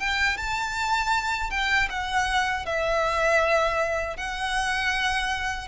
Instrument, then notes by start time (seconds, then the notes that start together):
violin
0.00 G5
0.38 A5
1.51 G5
1.90 F#5
2.66 E5
4.17 F#5